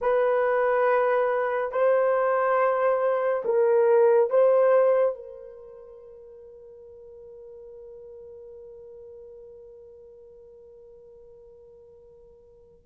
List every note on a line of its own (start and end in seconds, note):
0.01 1.71 B4
1.71 3.42 C5
3.44 4.29 A#4
4.29 5.15 C5
5.15 12.86 A#4